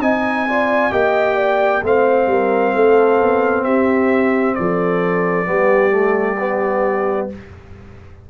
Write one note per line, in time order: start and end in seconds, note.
0.00 0.91 C4
0.00 0.48 D#4
0.00 0.45 D#5
0.00 0.93 G#5
0.48 0.91 F4
0.48 0.93 D5
0.91 1.83 A#3
0.91 1.82 G4
0.91 1.36 D#5
0.91 1.84 G5
1.36 1.81 D5
1.83 2.27 A3
1.83 5.46 C4
1.83 2.31 C5
1.83 3.64 F5
2.27 2.73 G3
2.27 2.75 A#4
2.75 3.21 A3
2.75 3.65 A4
3.21 3.64 B3
3.64 4.55 C4
3.64 4.56 G4
3.64 4.55 E5
4.55 5.48 F3
4.55 5.48 A4
4.55 7.28 D5
5.46 7.30 G3
5.46 5.90 B3
5.46 7.30 G4
5.90 6.36 A3
6.39 7.30 B3